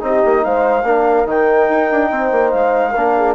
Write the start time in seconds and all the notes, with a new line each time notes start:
0.00 C4 D#4 G4 D#5
0.25 A#3
0.44 G#3 C5 F5
0.83 A#3 D4 A#4
1.26 D#3 D#4 G5
1.70 D#4
1.91 D4
2.11 C4 C5
2.32 A#3
2.51 G#3 F5
2.91 A#3 D4 A#4
3.17 G#4